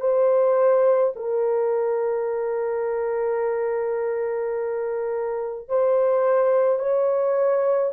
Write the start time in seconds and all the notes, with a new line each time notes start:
0.00 C5
1.16 A#4
5.69 C5
6.79 C#5